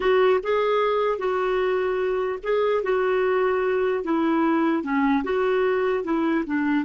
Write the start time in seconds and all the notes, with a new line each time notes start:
0.00 F#4
0.43 G#4
1.18 F#4
2.43 G#4
2.83 F#4
4.04 E4
4.83 C#4
5.24 F#4
6.04 E4
6.46 D4